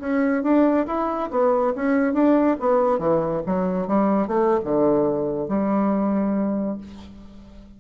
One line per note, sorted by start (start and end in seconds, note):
0.00 0.43 C#4
0.43 0.87 D4
0.87 1.30 E4
1.31 1.74 B3
1.76 2.14 C#4
2.14 2.57 D4
2.60 2.99 B3
2.99 3.42 E3
3.46 3.88 F#3
3.88 4.28 G3
4.28 4.60 A3
4.65 5.49 D3
5.49 6.78 G3